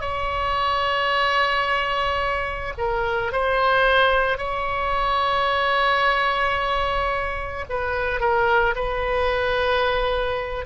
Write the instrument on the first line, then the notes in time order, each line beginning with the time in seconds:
oboe
0.00 C#5
2.78 A#4
3.32 C5
4.37 C#5
7.69 B4
8.20 A#4
8.75 B4